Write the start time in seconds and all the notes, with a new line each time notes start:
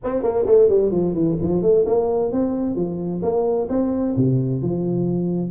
0.03 C4
0.22 A#3
0.46 A3
0.69 G3
0.91 F3
1.13 E3
1.41 F3
1.62 A3
1.85 A#3
2.32 C4
2.75 F3
3.22 A#3
3.69 C4
4.16 C3
4.62 F3